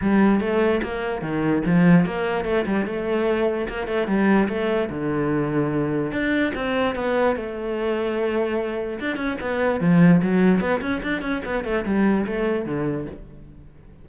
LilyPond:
\new Staff \with { instrumentName = "cello" } { \time 4/4 \tempo 4 = 147 g4 a4 ais4 dis4 | f4 ais4 a8 g8 a4~ | a4 ais8 a8 g4 a4 | d2. d'4 |
c'4 b4 a2~ | a2 d'8 cis'8 b4 | f4 fis4 b8 cis'8 d'8 cis'8 | b8 a8 g4 a4 d4 | }